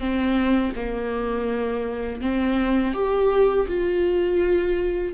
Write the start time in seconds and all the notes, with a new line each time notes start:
0.00 C4
0.76 A#3
2.22 C4
2.94 G4
3.68 F4